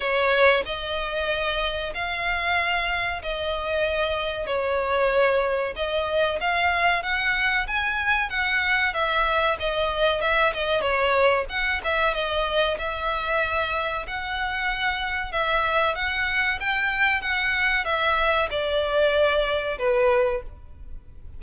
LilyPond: \new Staff \with { instrumentName = "violin" } { \time 4/4 \tempo 4 = 94 cis''4 dis''2 f''4~ | f''4 dis''2 cis''4~ | cis''4 dis''4 f''4 fis''4 | gis''4 fis''4 e''4 dis''4 |
e''8 dis''8 cis''4 fis''8 e''8 dis''4 | e''2 fis''2 | e''4 fis''4 g''4 fis''4 | e''4 d''2 b'4 | }